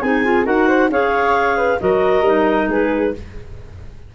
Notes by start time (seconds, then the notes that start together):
0.00 C4 D#4 G#4 G#5
0.24 F4
0.44 D#4 F#4 A#4 F#5
0.67 C5
0.89 C#4 G#4 C#5 F5
1.57 B4
1.79 F#3 F#4 A#4 D#5
2.21 G3 D#4
2.68 G#3 G#4 B4